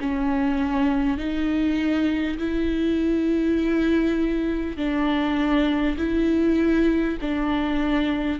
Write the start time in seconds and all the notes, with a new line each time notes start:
0.00 C#4
1.17 D#4
2.38 E4
4.77 D4
5.97 E4
7.21 D4